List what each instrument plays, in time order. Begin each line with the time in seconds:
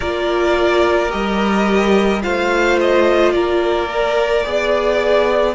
0.00 cello A#3, viola F4, violin A#4 D5
1.09 cello G3, viola G4, violin D#5
2.21 cello A3, viola F4, violin C5 F5
2.80 violin D#5
3.31 cello A#3, violin A#4 D5
3.90 viola A#4
4.44 cello B3, viola G#4, violin D5